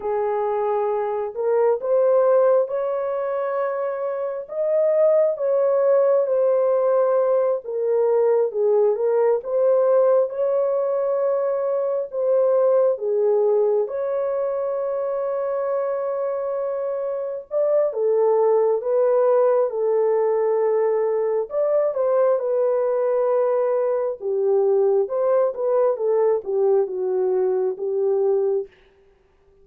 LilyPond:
\new Staff \with { instrumentName = "horn" } { \time 4/4 \tempo 4 = 67 gis'4. ais'8 c''4 cis''4~ | cis''4 dis''4 cis''4 c''4~ | c''8 ais'4 gis'8 ais'8 c''4 cis''8~ | cis''4. c''4 gis'4 cis''8~ |
cis''2.~ cis''8 d''8 | a'4 b'4 a'2 | d''8 c''8 b'2 g'4 | c''8 b'8 a'8 g'8 fis'4 g'4 | }